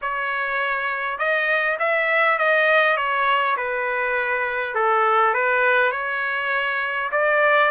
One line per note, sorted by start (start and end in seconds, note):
0.01 1.18 C#5
1.18 1.77 D#5
1.79 2.38 E5
2.38 2.96 D#5
2.96 3.56 C#5
3.56 4.74 B4
4.74 5.33 A4
5.33 5.91 B4
5.91 7.10 C#5
7.11 7.71 D5